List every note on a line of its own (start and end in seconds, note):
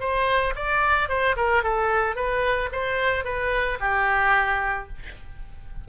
0.00 0.54 C5
0.56 1.09 D5
1.09 1.36 C5
1.36 1.63 A#4
1.63 2.15 A4
2.15 2.70 B4
2.72 3.24 C5
3.24 3.78 B4
3.80 4.88 G4